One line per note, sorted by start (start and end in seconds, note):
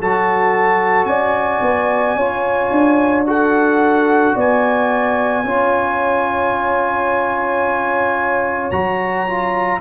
0.00 1.05 F#3
0.00 2.19 F#4
0.00 1.09 A4
0.00 1.05 A5
1.05 1.60 C#4
1.05 2.16 D5
1.05 3.24 G#5
1.62 2.15 B3
2.15 2.70 C#4
2.15 3.26 F4
2.15 3.25 C#5
2.71 4.35 D4
3.26 5.44 F#4
3.26 4.35 A4
3.26 4.38 F#5
4.35 5.44 B3
4.35 5.44 D5
4.35 8.71 G#5
5.44 8.71 C#4
5.44 8.72 F4
5.44 9.80 C#5
8.71 9.80 F#3
8.71 9.27 F#4
8.71 9.80 A#5
9.27 9.80 F4